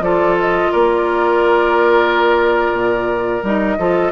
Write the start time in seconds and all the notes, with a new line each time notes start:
0.00 F3 F4 A4 D5
0.40 D#5
0.71 A#3 A#4 D5
2.73 A#2
3.43 G3 D#4 D#5
3.78 F3 F4 A4